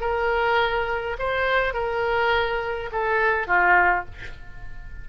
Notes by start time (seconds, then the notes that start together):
0.00 A#4
1.19 C5
1.73 A#4
2.92 A4
3.47 F4